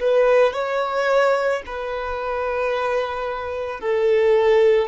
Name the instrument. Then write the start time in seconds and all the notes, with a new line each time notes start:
violin
0.00 B4
0.54 C#5
1.66 B4
3.81 A4